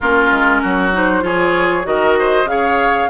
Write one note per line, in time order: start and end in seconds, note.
0.00 0.31 A#3
0.00 0.93 C#4
0.00 0.62 F4
0.00 0.93 A#4
0.31 0.61 G#3
0.62 1.23 F#3
0.62 1.23 F#4
0.93 1.22 D#4
0.93 1.24 C5
1.22 1.85 F3
1.22 1.84 F4
1.22 1.86 G#4
1.22 1.86 C#5
1.84 2.44 D#3
1.84 2.46 F#4
1.84 2.19 A#4
1.84 2.48 D#5
2.19 2.49 C5
2.44 3.06 C#3
2.44 3.08 G#4
2.44 3.10 F5
2.50 3.10 C#5